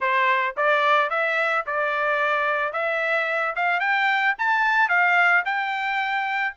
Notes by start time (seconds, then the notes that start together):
0.00 C5
0.56 D5
1.10 E5
1.66 D5
2.72 E5
3.55 F5
3.80 G5
4.38 A5
4.88 F5
5.45 G5